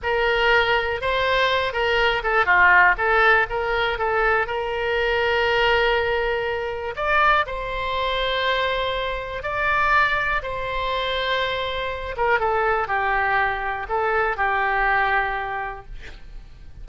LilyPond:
\new Staff \with { instrumentName = "oboe" } { \time 4/4 \tempo 4 = 121 ais'2 c''4. ais'8~ | ais'8 a'8 f'4 a'4 ais'4 | a'4 ais'2.~ | ais'2 d''4 c''4~ |
c''2. d''4~ | d''4 c''2.~ | c''8 ais'8 a'4 g'2 | a'4 g'2. | }